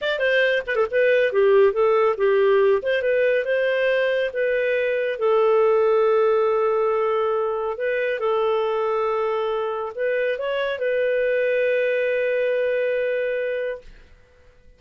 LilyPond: \new Staff \with { instrumentName = "clarinet" } { \time 4/4 \tempo 4 = 139 d''8 c''4 b'16 a'16 b'4 g'4 | a'4 g'4. c''8 b'4 | c''2 b'2 | a'1~ |
a'2 b'4 a'4~ | a'2. b'4 | cis''4 b'2.~ | b'1 | }